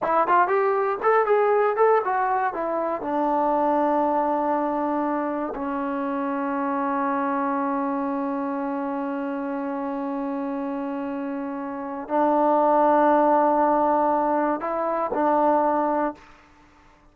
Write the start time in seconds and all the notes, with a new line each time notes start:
0.02 E4
0.27 F4
0.47 G4
1.02 A4
1.26 G#4
1.76 A4
2.04 F#4
2.53 E4
3.01 D4
5.55 C#4
12.08 D4
14.60 E4
15.14 D4